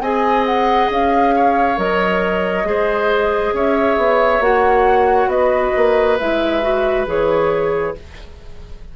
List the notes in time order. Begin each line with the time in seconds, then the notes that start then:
0.00 C4 G#4 D#5 G#5
0.46 F#5
0.90 C#4 F5
1.36 C#5
1.76 F#3 A#4 D#5
2.64 G#3 G#4 C5
3.53 C#4 C#5 E5
3.97 B3
4.40 A#3 F#4 F#5
5.26 B3 B4 D#5
5.76 A#3
6.19 G#3 E4 E5
6.62 F#4
7.06 E3 G#4 C#5